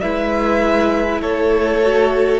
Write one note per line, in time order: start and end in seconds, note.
0.00 1.22 G#3
0.00 1.83 E4
0.00 1.22 B4
0.00 1.20 E5
1.22 2.40 A3
1.22 2.40 A4
1.22 2.40 C#5
1.83 2.40 F#4